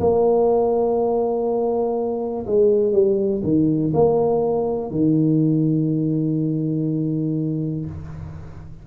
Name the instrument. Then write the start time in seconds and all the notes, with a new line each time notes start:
tuba
0.00 A#3
2.47 G#3
2.92 G3
3.43 D#3
3.94 A#3
4.91 D#3